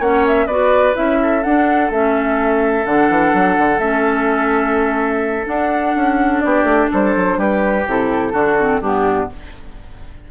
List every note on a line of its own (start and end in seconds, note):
0.00 0.47 A#3
0.00 0.49 C#4
0.00 0.46 C#5
0.00 0.26 F#5
0.27 0.47 E5
0.46 0.95 B3
0.46 0.94 F#4
0.46 1.18 B4
0.46 0.95 D5
0.94 1.45 C#4
0.94 1.42 E4
0.94 1.43 E5
1.22 6.45 A4
1.43 1.90 D4
1.43 1.92 D4
1.43 1.91 F#5
1.90 2.86 A3
1.90 2.86 C#4
1.90 2.86 E5
2.86 3.09 D3
2.86 3.80 D4
2.86 3.79 F#5
3.09 3.33 E3
3.34 3.58 F#3
3.59 3.79 D3
3.79 5.45 A3
3.79 5.45 C#4
3.79 5.46 E5
5.45 7.83 D4
5.45 5.95 D4
5.45 6.40 F#5
5.96 6.43 C#4
6.40 6.63 B3
6.40 6.91 G4
6.40 6.88 D5
6.63 6.87 A3
6.91 7.16 G3
6.91 7.38 A4
6.91 7.39 C5
7.16 7.38 F#3
7.38 7.85 G3
7.38 8.33 G4
7.38 7.87 B4
7.87 8.34 C3
7.87 8.34 E4
7.87 8.82 A4
8.33 8.80 D3
8.33 8.57 D4
8.33 8.81 F#4
8.59 8.82 C4
8.80 9.28 G2
8.80 9.31 B3
8.80 9.29 D4
8.80 9.30 G4